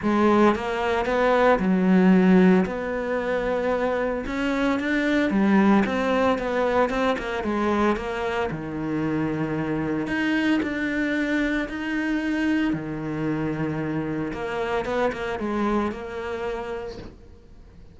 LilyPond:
\new Staff \with { instrumentName = "cello" } { \time 4/4 \tempo 4 = 113 gis4 ais4 b4 fis4~ | fis4 b2. | cis'4 d'4 g4 c'4 | b4 c'8 ais8 gis4 ais4 |
dis2. dis'4 | d'2 dis'2 | dis2. ais4 | b8 ais8 gis4 ais2 | }